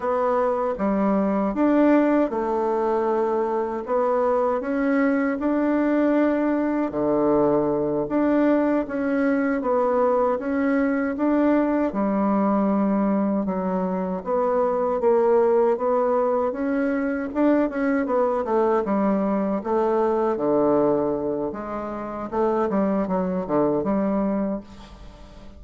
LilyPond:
\new Staff \with { instrumentName = "bassoon" } { \time 4/4 \tempo 4 = 78 b4 g4 d'4 a4~ | a4 b4 cis'4 d'4~ | d'4 d4. d'4 cis'8~ | cis'8 b4 cis'4 d'4 g8~ |
g4. fis4 b4 ais8~ | ais8 b4 cis'4 d'8 cis'8 b8 | a8 g4 a4 d4. | gis4 a8 g8 fis8 d8 g4 | }